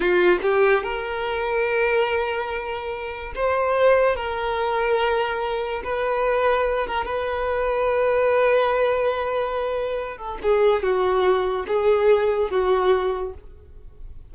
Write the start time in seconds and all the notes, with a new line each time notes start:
0.00 F4
0.42 G4
0.83 A#4
3.35 C5
4.16 A#4
5.84 B4
6.87 A#4
7.05 B4
10.17 A4
10.42 G#4
10.82 F#4
11.67 G#4
12.50 F#4